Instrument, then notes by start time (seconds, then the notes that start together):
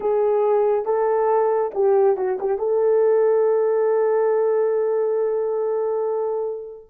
horn
0.00 G#4
0.85 A4
1.74 G4
2.16 F#4
2.40 G4
2.58 A4